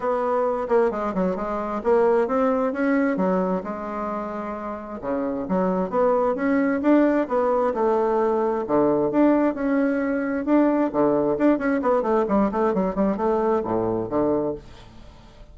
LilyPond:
\new Staff \with { instrumentName = "bassoon" } { \time 4/4 \tempo 4 = 132 b4. ais8 gis8 fis8 gis4 | ais4 c'4 cis'4 fis4 | gis2. cis4 | fis4 b4 cis'4 d'4 |
b4 a2 d4 | d'4 cis'2 d'4 | d4 d'8 cis'8 b8 a8 g8 a8 | fis8 g8 a4 a,4 d4 | }